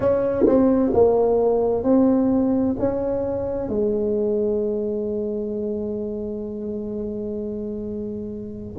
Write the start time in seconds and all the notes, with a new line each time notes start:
0.00 C#4
0.46 C4
0.93 A#3
1.83 C4
2.79 C#4
3.68 G#3